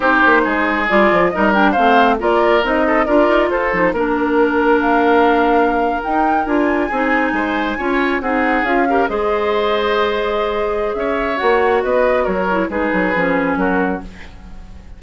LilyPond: <<
  \new Staff \with { instrumentName = "flute" } { \time 4/4 \tempo 4 = 137 c''2 d''4 dis''8 g''8 | f''4 d''4 dis''4 d''4 | c''4 ais'2 f''4~ | f''4.~ f''16 g''4 gis''4~ gis''16~ |
gis''2~ gis''8. fis''4 f''16~ | f''8. dis''2.~ dis''16~ | dis''4 e''4 fis''4 dis''4 | cis''4 b'2 ais'4 | }
  \new Staff \with { instrumentName = "oboe" } { \time 4/4 g'4 gis'2 ais'4 | c''4 ais'4. a'8 ais'4 | a'4 ais'2.~ | ais'2.~ ais'8. gis'16~ |
gis'8. c''4 cis''4 gis'4~ gis'16~ | gis'16 ais'8 c''2.~ c''16~ | c''4 cis''2 b'4 | ais'4 gis'2 fis'4 | }
  \new Staff \with { instrumentName = "clarinet" } { \time 4/4 dis'2 f'4 dis'8 d'8 | c'4 f'4 dis'4 f'4~ | f'8 dis'8 d'2.~ | d'4.~ d'16 dis'4 f'4 dis'16~ |
dis'4.~ dis'16 f'4 dis'4 f'16~ | f'16 g'8 gis'2.~ gis'16~ | gis'2 fis'2~ | fis'8 e'8 dis'4 cis'2 | }
  \new Staff \with { instrumentName = "bassoon" } { \time 4/4 c'8 ais8 gis4 g8 f8 g4 | a4 ais4 c'4 d'8 dis'8 | f'8 f8 ais2.~ | ais4.~ ais16 dis'4 d'4 c'16~ |
c'8. gis4 cis'4 c'4 cis'16~ | cis'8. gis2.~ gis16~ | gis4 cis'4 ais4 b4 | fis4 gis8 fis8 f4 fis4 | }
>>